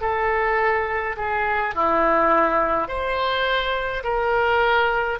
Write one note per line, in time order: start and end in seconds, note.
0.00 1.15 A4
1.16 1.74 G#4
1.75 2.87 E4
2.87 4.03 C5
4.03 5.19 A#4